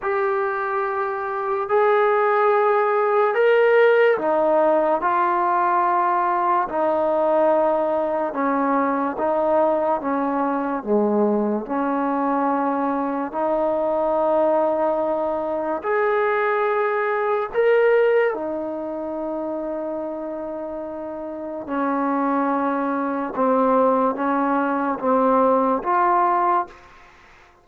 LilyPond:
\new Staff \with { instrumentName = "trombone" } { \time 4/4 \tempo 4 = 72 g'2 gis'2 | ais'4 dis'4 f'2 | dis'2 cis'4 dis'4 | cis'4 gis4 cis'2 |
dis'2. gis'4~ | gis'4 ais'4 dis'2~ | dis'2 cis'2 | c'4 cis'4 c'4 f'4 | }